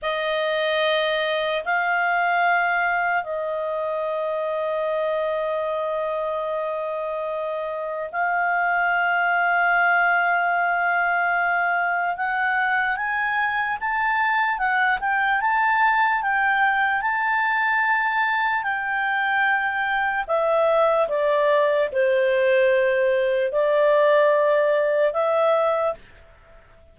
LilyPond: \new Staff \with { instrumentName = "clarinet" } { \time 4/4 \tempo 4 = 74 dis''2 f''2 | dis''1~ | dis''2 f''2~ | f''2. fis''4 |
gis''4 a''4 fis''8 g''8 a''4 | g''4 a''2 g''4~ | g''4 e''4 d''4 c''4~ | c''4 d''2 e''4 | }